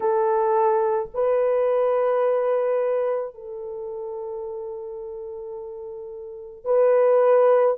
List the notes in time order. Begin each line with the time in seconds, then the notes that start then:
0.00 A4
1.14 B4
3.34 A4
6.64 B4